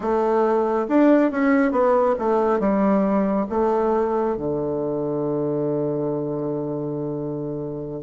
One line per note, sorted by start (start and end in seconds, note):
0.00 0.86 A3
0.88 1.30 D4
1.30 1.71 C#4
1.71 2.15 B3
2.18 2.59 A3
2.59 3.46 G3
3.49 4.36 A3
4.37 8.02 D3